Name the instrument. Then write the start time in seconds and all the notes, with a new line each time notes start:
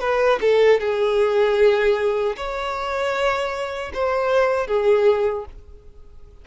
violin
0.00 B4
0.41 A4
0.80 G#4
2.36 C#5
3.94 C5
4.67 G#4